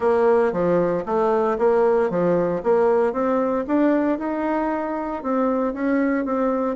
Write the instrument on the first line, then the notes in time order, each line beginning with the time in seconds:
bassoon
0.00 A#3
0.52 F3
1.05 A3
1.58 A#3
2.09 F3
2.63 A#3
3.12 C4
3.67 D4
4.18 D#4
5.22 C4
5.73 C#4
6.25 C4